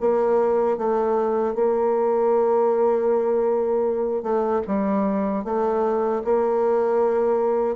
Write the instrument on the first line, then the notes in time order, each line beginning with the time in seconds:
bassoon
0.00 A#3
0.77 A3
1.54 A#3
4.22 A3
4.67 G3
5.44 A3
6.24 A#3